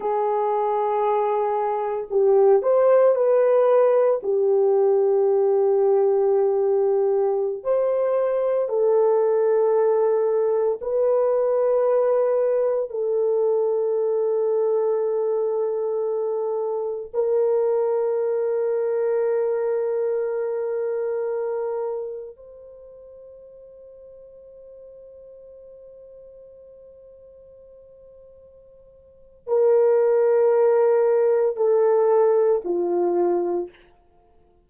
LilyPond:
\new Staff \with { instrumentName = "horn" } { \time 4/4 \tempo 4 = 57 gis'2 g'8 c''8 b'4 | g'2.~ g'16 c''8.~ | c''16 a'2 b'4.~ b'16~ | b'16 a'2.~ a'8.~ |
a'16 ais'2.~ ais'8.~ | ais'4~ ais'16 c''2~ c''8.~ | c''1 | ais'2 a'4 f'4 | }